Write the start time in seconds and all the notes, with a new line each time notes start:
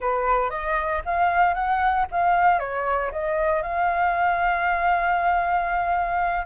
0.00 B4
0.50 D#5
1.05 F5
1.54 F#5
2.11 F5
2.59 C#5
3.11 D#5
3.62 F5